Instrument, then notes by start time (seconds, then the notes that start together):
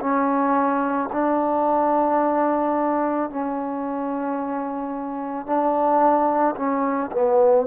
trombone
0.00 C#4
1.13 D4
3.30 C#4
5.46 D4
6.56 C#4
7.12 B3